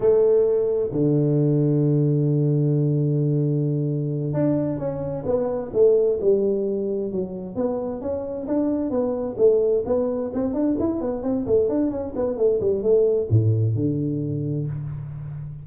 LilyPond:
\new Staff \with { instrumentName = "tuba" } { \time 4/4 \tempo 4 = 131 a2 d2~ | d1~ | d4. d'4 cis'4 b8~ | b8 a4 g2 fis8~ |
fis8 b4 cis'4 d'4 b8~ | b8 a4 b4 c'8 d'8 e'8 | b8 c'8 a8 d'8 cis'8 b8 a8 g8 | a4 a,4 d2 | }